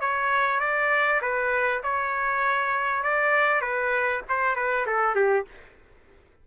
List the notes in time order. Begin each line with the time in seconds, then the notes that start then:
0.00 C#5
0.60 D5
1.21 B4
1.83 C#5
3.03 D5
3.61 B4
4.28 C5
4.55 B4
4.86 A4
5.15 G4